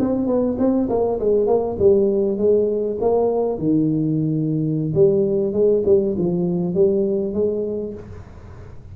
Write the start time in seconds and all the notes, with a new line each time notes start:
0.00 C4
0.27 B3
0.59 C4
0.90 A#3
1.20 G#3
1.47 A#3
1.79 G3
2.38 G#3
3.01 A#3
3.59 D#3
4.95 G3
5.53 G#3
5.86 G3
6.18 F3
6.75 G3
7.34 G#3